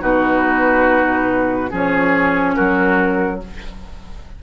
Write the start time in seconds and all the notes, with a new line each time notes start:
0.00 B2 D#4 F#4 B4
1.69 F3 C#4 G#4
1.76 C#5
2.55 F#3 F#4 A#4